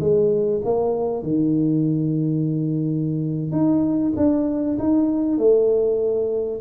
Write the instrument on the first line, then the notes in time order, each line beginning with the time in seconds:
tuba
0.00 G#3
0.65 A#3
1.23 D#3
3.51 D#4
4.16 D4
4.79 D#4
5.38 A3